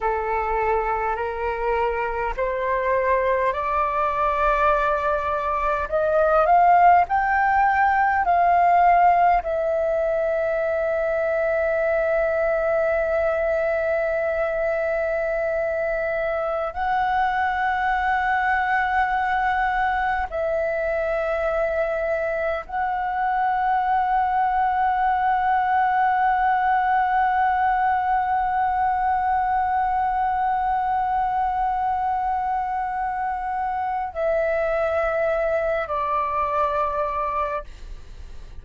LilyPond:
\new Staff \with { instrumentName = "flute" } { \time 4/4 \tempo 4 = 51 a'4 ais'4 c''4 d''4~ | d''4 dis''8 f''8 g''4 f''4 | e''1~ | e''2~ e''16 fis''4.~ fis''16~ |
fis''4~ fis''16 e''2 fis''8.~ | fis''1~ | fis''1~ | fis''4 e''4. d''4. | }